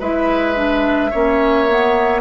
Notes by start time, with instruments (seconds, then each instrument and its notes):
0.00 bassoon G#3, clarinet E4, oboe B4, flute E5
0.55 clarinet D4
1.11 bassoon A#3, clarinet C#4, oboe C#5
1.69 clarinet B3